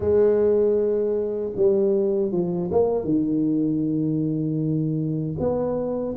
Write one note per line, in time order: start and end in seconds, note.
0.00 1.52 G#3
1.56 2.31 G3
2.31 2.70 F3
2.71 3.04 A#3
3.04 5.35 D#3
5.38 6.15 B3